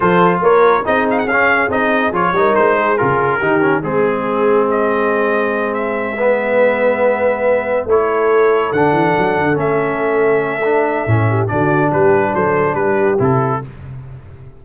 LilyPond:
<<
  \new Staff \with { instrumentName = "trumpet" } { \time 4/4 \tempo 4 = 141 c''4 cis''4 dis''8 f''16 fis''16 f''4 | dis''4 cis''4 c''4 ais'4~ | ais'4 gis'2 dis''4~ | dis''4. e''2~ e''8~ |
e''2~ e''8 cis''4.~ | cis''8 fis''2 e''4.~ | e''2. d''4 | b'4 c''4 b'4 a'4 | }
  \new Staff \with { instrumentName = "horn" } { \time 4/4 a'4 ais'4 gis'2~ | gis'4. ais'4 gis'4. | g'4 gis'2.~ | gis'2~ gis'8 b'4.~ |
b'2~ b'8 a'4.~ | a'1~ | a'2~ a'8 g'8 fis'4 | g'4 a'4 g'2 | }
  \new Staff \with { instrumentName = "trombone" } { \time 4/4 f'2 dis'4 cis'4 | dis'4 f'8 dis'4. f'4 | dis'8 cis'8 c'2.~ | c'2~ c'8 b4.~ |
b2~ b8 e'4.~ | e'8 d'2 cis'4.~ | cis'4 d'4 cis'4 d'4~ | d'2. e'4 | }
  \new Staff \with { instrumentName = "tuba" } { \time 4/4 f4 ais4 c'4 cis'4 | c'4 f8 g8 gis4 cis4 | dis4 gis2.~ | gis1~ |
gis2~ gis8 a4.~ | a8 d8 e8 fis8 d8 a4.~ | a2 a,4 d4 | g4 fis4 g4 c4 | }
>>